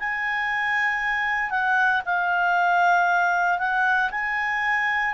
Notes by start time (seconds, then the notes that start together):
0.00 G#5
1.50 F#5
2.06 F5
3.59 F#5
4.11 G#5